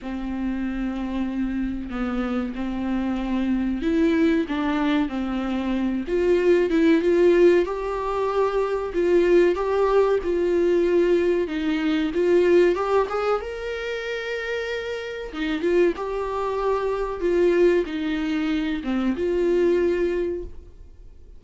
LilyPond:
\new Staff \with { instrumentName = "viola" } { \time 4/4 \tempo 4 = 94 c'2. b4 | c'2 e'4 d'4 | c'4. f'4 e'8 f'4 | g'2 f'4 g'4 |
f'2 dis'4 f'4 | g'8 gis'8 ais'2. | dis'8 f'8 g'2 f'4 | dis'4. c'8 f'2 | }